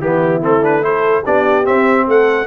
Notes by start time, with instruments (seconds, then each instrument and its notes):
0.00 tuba E3, trombone B3, horn E4, trumpet G4
0.42 tuba A3, trombone C4, trumpet A4
0.62 trombone D4, trumpet B4
0.83 trombone E4, horn A4, trumpet C5
1.23 tuba B3, trombone D4, horn G4, trumpet D5
1.64 trombone C4, tuba C4, trumpet E5
2.07 tuba A3, horn A4, trumpet F#5